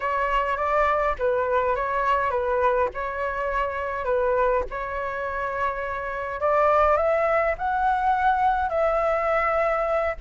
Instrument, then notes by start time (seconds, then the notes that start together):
flute
0.00 C#5
0.56 D5
1.18 B4
1.75 C#5
2.30 B4
2.94 C#5
4.05 B4
4.70 C#5
6.40 D5
6.96 E5
7.58 F#5
8.69 E5